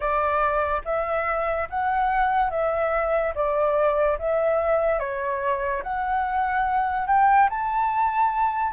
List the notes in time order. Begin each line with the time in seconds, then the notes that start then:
0.00 D5
0.84 E5
1.69 F#5
2.50 E5
3.34 D5
4.18 E5
4.99 C#5
5.82 F#5
7.07 G5
7.49 A5